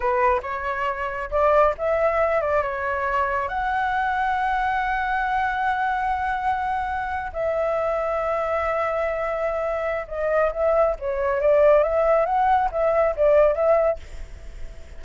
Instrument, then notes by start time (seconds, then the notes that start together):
flute
0.00 B4
0.42 C#5
1.30 D5
1.78 E5
2.41 D5
2.62 C#5
3.48 F#5
7.32 E5
10.07 D#5
10.52 E5
10.99 C#5
11.40 D5
11.83 E5
12.25 F#5
12.71 E5
13.15 D5
13.55 E5